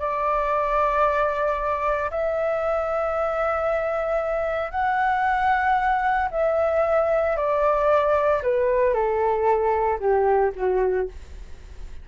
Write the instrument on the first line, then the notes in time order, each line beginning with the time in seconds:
flute
0.00 D5
2.11 E5
4.72 F#5
6.32 E5
7.37 D5
8.43 B4
8.94 A4
10.00 G4
10.56 F#4